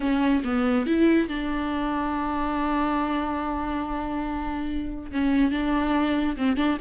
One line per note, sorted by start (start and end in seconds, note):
0.00 0.43 C#4
0.44 0.86 B3
0.86 1.28 E4
1.28 5.11 D4
5.11 5.51 C#4
5.51 6.36 D4
6.36 6.56 C4
6.56 6.78 D4